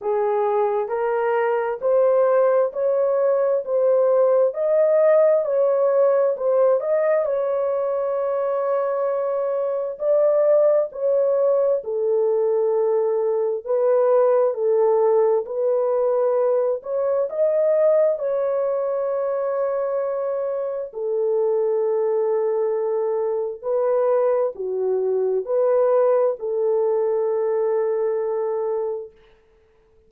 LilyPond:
\new Staff \with { instrumentName = "horn" } { \time 4/4 \tempo 4 = 66 gis'4 ais'4 c''4 cis''4 | c''4 dis''4 cis''4 c''8 dis''8 | cis''2. d''4 | cis''4 a'2 b'4 |
a'4 b'4. cis''8 dis''4 | cis''2. a'4~ | a'2 b'4 fis'4 | b'4 a'2. | }